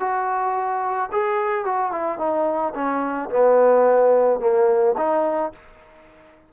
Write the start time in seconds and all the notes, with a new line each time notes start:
0.00 F#4
1.12 G#4
1.65 F#4
1.92 E4
2.18 D#4
2.74 C#4
3.30 B3
4.40 A#3
4.97 D#4